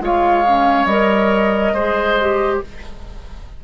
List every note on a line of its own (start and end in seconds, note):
0.00 0.85 G#3
0.00 0.43 F4
0.00 1.73 C#5
0.00 0.85 F5
0.47 0.89 C#4
0.85 1.72 G3
0.85 1.76 A#4
0.85 2.59 D#5
1.73 2.60 G#3
1.73 2.19 G#4
1.73 2.60 C5
2.20 2.64 G4